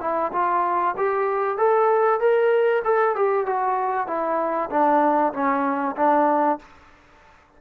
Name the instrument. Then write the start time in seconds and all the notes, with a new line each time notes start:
trombone
0.00 E4
0.32 F4
0.97 G4
1.57 A4
2.19 A#4
2.84 A4
3.15 G4
3.45 F#4
4.07 E4
4.70 D4
5.33 C#4
5.96 D4